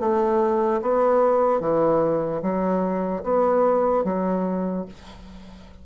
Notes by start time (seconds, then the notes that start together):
0.00 A3
0.82 B3
1.60 E3
2.42 F#3
3.24 B3
4.04 F#3